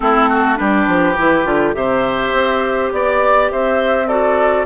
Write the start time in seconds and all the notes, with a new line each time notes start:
0.00 A3 C4 E4 A4
0.29 F#4
0.55 G3 D4 G4 B4
0.87 F3
1.17 E3 E4
1.44 D3 F4
1.73 C3 G4 C5 E5
2.33 C4
2.92 B3 D5
3.51 C4 C5 E5
4.07 F#4 A4 D5